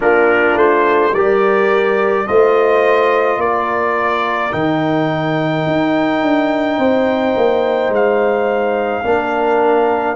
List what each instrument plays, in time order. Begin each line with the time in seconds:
0.00 tuba A#3, trombone D4, horn F4, trumpet A#4
0.55 tuba A3, trumpet C5
1.13 tuba G3, trombone G4, horn A#4, trumpet D5
2.27 tuba A3, trombone F4, horn C5, trumpet D#5
3.37 tuba A#3, horn A#4, trumpet D5
4.51 tuba D#3, trombone D#4, trumpet G5
5.66 tuba D#4
6.22 tuba D4
6.77 tuba C4, horn C5
7.36 tuba A#3
7.89 tuba G#3, trumpet F5
9.04 tuba A#3, trombone D4, horn A#4